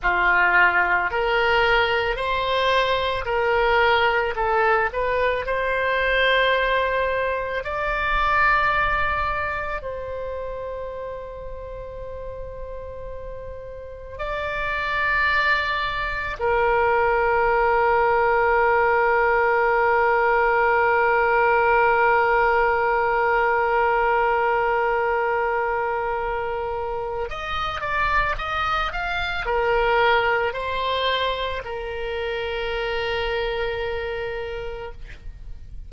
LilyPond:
\new Staff \with { instrumentName = "oboe" } { \time 4/4 \tempo 4 = 55 f'4 ais'4 c''4 ais'4 | a'8 b'8 c''2 d''4~ | d''4 c''2.~ | c''4 d''2 ais'4~ |
ais'1~ | ais'1~ | ais'4 dis''8 d''8 dis''8 f''8 ais'4 | c''4 ais'2. | }